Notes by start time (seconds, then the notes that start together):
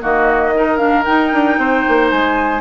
0.00 D#3 A#3 F#4 D#5
0.55 D#4 A#4
0.77 D4 F5
1.04 D#4 G5
1.33 D4
1.57 C4 C5
1.88 A#3
2.10 G#3 G#5